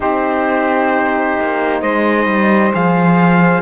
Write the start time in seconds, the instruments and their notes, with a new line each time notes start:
0.00 cello C4, horn D#4, saxophone G4, trumpet C5
1.39 cello A#3
1.80 cello G#3, saxophone C5, trumpet D#5
2.27 cello G3
2.72 cello F3, horn G#4, trumpet F5